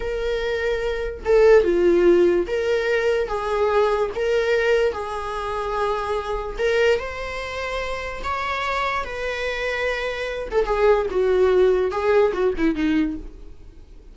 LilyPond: \new Staff \with { instrumentName = "viola" } { \time 4/4 \tempo 4 = 146 ais'2. a'4 | f'2 ais'2 | gis'2 ais'2 | gis'1 |
ais'4 c''2. | cis''2 b'2~ | b'4. a'8 gis'4 fis'4~ | fis'4 gis'4 fis'8 e'8 dis'4 | }